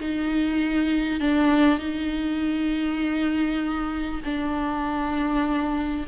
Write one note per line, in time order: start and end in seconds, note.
0.00 1.20 D#4
1.20 1.79 D4
1.79 4.21 D#4
4.25 6.06 D4